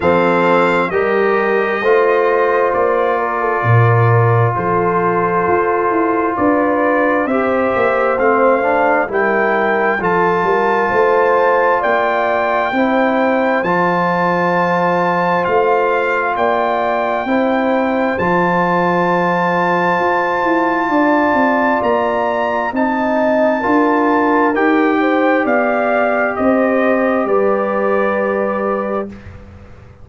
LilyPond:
<<
  \new Staff \with { instrumentName = "trumpet" } { \time 4/4 \tempo 4 = 66 f''4 dis''2 d''4~ | d''4 c''2 d''4 | e''4 f''4 g''4 a''4~ | a''4 g''2 a''4~ |
a''4 f''4 g''2 | a''1 | ais''4 a''2 g''4 | f''4 dis''4 d''2 | }
  \new Staff \with { instrumentName = "horn" } { \time 4/4 a'4 ais'4 c''4. ais'16 a'16 | ais'4 a'2 b'4 | c''2 ais'4 a'8 ais'8 | c''4 d''4 c''2~ |
c''2 d''4 c''4~ | c''2. d''4~ | d''4 dis''4 ais'4. c''8 | d''4 c''4 b'2 | }
  \new Staff \with { instrumentName = "trombone" } { \time 4/4 c'4 g'4 f'2~ | f'1 | g'4 c'8 d'8 e'4 f'4~ | f'2 e'4 f'4~ |
f'2. e'4 | f'1~ | f'4 dis'4 f'4 g'4~ | g'1 | }
  \new Staff \with { instrumentName = "tuba" } { \time 4/4 f4 g4 a4 ais4 | ais,4 f4 f'8 e'8 d'4 | c'8 ais8 a4 g4 f8 g8 | a4 ais4 c'4 f4~ |
f4 a4 ais4 c'4 | f2 f'8 e'8 d'8 c'8 | ais4 c'4 d'4 dis'4 | b4 c'4 g2 | }
>>